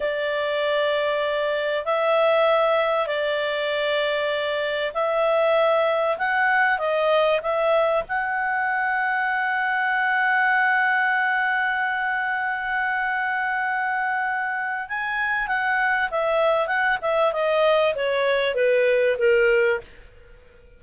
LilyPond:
\new Staff \with { instrumentName = "clarinet" } { \time 4/4 \tempo 4 = 97 d''2. e''4~ | e''4 d''2. | e''2 fis''4 dis''4 | e''4 fis''2.~ |
fis''1~ | fis''1 | gis''4 fis''4 e''4 fis''8 e''8 | dis''4 cis''4 b'4 ais'4 | }